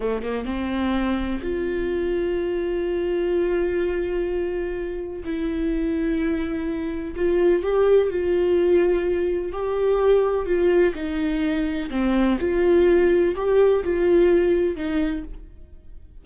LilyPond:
\new Staff \with { instrumentName = "viola" } { \time 4/4 \tempo 4 = 126 a8 ais8 c'2 f'4~ | f'1~ | f'2. e'4~ | e'2. f'4 |
g'4 f'2. | g'2 f'4 dis'4~ | dis'4 c'4 f'2 | g'4 f'2 dis'4 | }